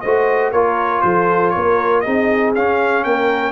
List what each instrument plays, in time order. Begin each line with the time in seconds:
0.00 tuba A3, trombone F#4, horn C5, trumpet D#5
0.51 tuba A#3, trombone F4, horn A#4, trumpet C#5
1.01 tuba F3, horn A4, trumpet C5
1.50 tuba A#3, horn A#4, trumpet C#5
2.00 tuba C4, trombone D#4, horn G#4, trumpet D#5
2.55 tuba C#4, trombone C#4, trumpet F5
3.04 tuba A#3, horn A#4, trumpet G5